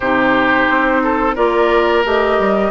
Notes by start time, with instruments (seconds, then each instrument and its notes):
0.00 bassoon C3, clarinet D#4, oboe G4, flute C5
0.69 bassoon C4
1.03 oboe A4
1.35 bassoon A#3, clarinet F4, oboe A#4, flute D5
2.04 bassoon A3, clarinet G4, flute D#5
2.39 bassoon G3